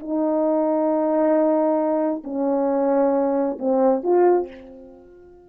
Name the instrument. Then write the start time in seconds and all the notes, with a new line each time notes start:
horn
0.00 D#4
2.24 C#4
3.59 C4
4.04 F4